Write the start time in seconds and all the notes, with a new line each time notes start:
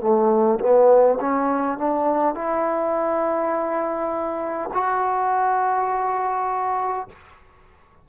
0.00 A3
0.59 B3
1.20 C#4
1.78 D4
2.34 E4
4.73 F#4